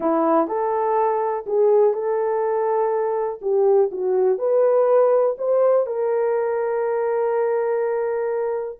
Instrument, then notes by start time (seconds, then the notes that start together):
horn
0.00 E4
0.47 A4
1.46 G#4
1.93 A4
3.41 G4
3.91 F#4
4.38 B4
5.37 C5
5.86 A#4